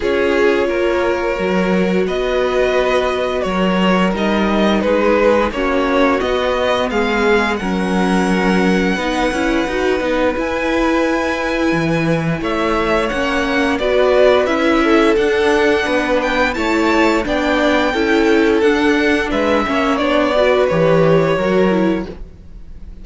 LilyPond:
<<
  \new Staff \with { instrumentName = "violin" } { \time 4/4 \tempo 4 = 87 cis''2. dis''4~ | dis''4 cis''4 dis''4 b'4 | cis''4 dis''4 f''4 fis''4~ | fis''2. gis''4~ |
gis''2 e''4 fis''4 | d''4 e''4 fis''4. g''8 | a''4 g''2 fis''4 | e''4 d''4 cis''2 | }
  \new Staff \with { instrumentName = "violin" } { \time 4/4 gis'4 ais'2 b'4~ | b'4 ais'2 gis'4 | fis'2 gis'4 ais'4~ | ais'4 b'2.~ |
b'2 cis''2 | b'4. a'4. b'4 | cis''4 d''4 a'2 | b'8 cis''4 b'4. ais'4 | }
  \new Staff \with { instrumentName = "viola" } { \time 4/4 f'2 fis'2~ | fis'2 dis'2 | cis'4 b2 cis'4~ | cis'4 dis'8 e'8 fis'8 dis'8 e'4~ |
e'2. cis'4 | fis'4 e'4 d'2 | e'4 d'4 e'4 d'4~ | d'8 cis'8 d'8 fis'8 g'4 fis'8 e'8 | }
  \new Staff \with { instrumentName = "cello" } { \time 4/4 cis'4 ais4 fis4 b4~ | b4 fis4 g4 gis4 | ais4 b4 gis4 fis4~ | fis4 b8 cis'8 dis'8 b8 e'4~ |
e'4 e4 a4 ais4 | b4 cis'4 d'4 b4 | a4 b4 cis'4 d'4 | gis8 ais8 b4 e4 fis4 | }
>>